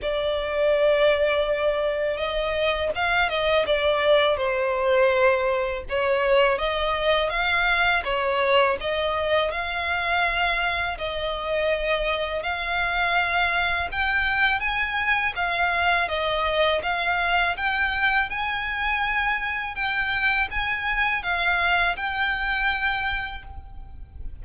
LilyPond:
\new Staff \with { instrumentName = "violin" } { \time 4/4 \tempo 4 = 82 d''2. dis''4 | f''8 dis''8 d''4 c''2 | cis''4 dis''4 f''4 cis''4 | dis''4 f''2 dis''4~ |
dis''4 f''2 g''4 | gis''4 f''4 dis''4 f''4 | g''4 gis''2 g''4 | gis''4 f''4 g''2 | }